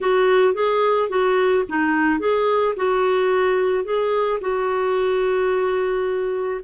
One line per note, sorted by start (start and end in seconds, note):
0.00 0.54 F#4
0.54 1.09 G#4
1.09 1.64 F#4
1.69 2.19 D#4
2.19 2.74 G#4
2.76 3.84 F#4
3.84 4.39 G#4
4.40 6.61 F#4